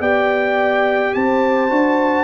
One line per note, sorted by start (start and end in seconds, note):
0.00 1.13 B3
0.00 1.70 G4
0.00 1.14 D5
0.00 1.14 G5
1.14 1.71 C4
1.14 2.25 C5
1.14 2.25 A5
1.70 2.25 D4
1.70 2.25 F#4